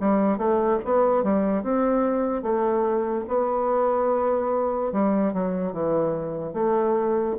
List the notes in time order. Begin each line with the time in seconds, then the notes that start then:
0.00 G3
0.37 A3
0.84 B3
1.23 G3
1.63 C4
2.42 A3
3.28 B3
4.92 G3
5.33 F#3
5.72 E3
6.53 A3